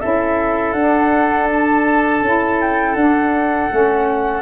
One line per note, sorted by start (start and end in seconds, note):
0.00 0.73 C#4
0.00 0.75 E4
0.00 4.42 A4
0.00 0.73 E5
0.73 2.21 D4
0.73 2.24 D4
0.73 1.47 F#5
1.50 2.61 A5
2.21 2.95 C#4
2.21 2.97 E4
2.61 2.96 G5
2.95 3.69 D4
2.95 3.70 D4
2.95 4.42 F#5
3.70 4.42 A3
3.70 4.42 C#4